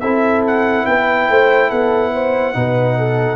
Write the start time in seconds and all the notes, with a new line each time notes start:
0.00 C4 E4 A4 E5
0.47 F#5
0.86 B3 B4 G5
1.30 A3 C5
1.68 B3 A4 F#5
2.14 C5
2.54 B2 D#4 B4
2.98 A4